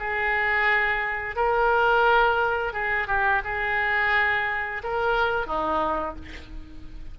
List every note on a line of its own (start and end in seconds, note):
0.00 1.36 G#4
1.36 2.73 A#4
2.73 3.08 G#4
3.08 3.42 G4
3.45 4.83 G#4
4.84 5.47 A#4
5.47 6.16 D#4